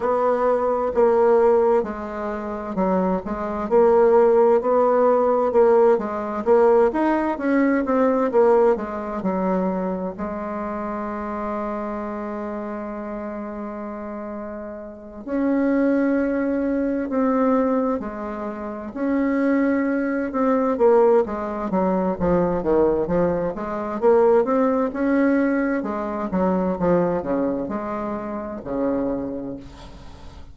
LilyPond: \new Staff \with { instrumentName = "bassoon" } { \time 4/4 \tempo 4 = 65 b4 ais4 gis4 fis8 gis8 | ais4 b4 ais8 gis8 ais8 dis'8 | cis'8 c'8 ais8 gis8 fis4 gis4~ | gis1~ |
gis8 cis'2 c'4 gis8~ | gis8 cis'4. c'8 ais8 gis8 fis8 | f8 dis8 f8 gis8 ais8 c'8 cis'4 | gis8 fis8 f8 cis8 gis4 cis4 | }